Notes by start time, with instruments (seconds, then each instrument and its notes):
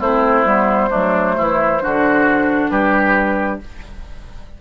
0.00 bassoon A3, clarinet C4, oboe E4, flute C5
0.44 bassoon G3, clarinet B3
0.89 bassoon F#3, clarinet A3, oboe D4
1.38 bassoon E3, oboe E4
1.82 bassoon D3, clarinet D4, oboe F#4
2.69 bassoon G3, oboe G4, flute B4